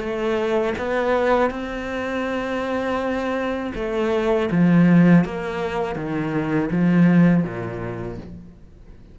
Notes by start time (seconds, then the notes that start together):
0.00 A3
0.78 B3
1.51 C4
3.75 A3
4.52 F3
5.25 A#3
5.96 D#3
6.72 F3
7.44 A#2